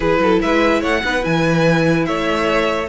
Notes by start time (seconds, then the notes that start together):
0.00 E3 E4 G#4 B4
0.18 F#3 A4
0.41 G#3 B4 E5
0.80 A3 C#5 F#5
1.04 B3 D#4 B4
1.20 E3 E4 G#5
2.05 A3 C#5 E5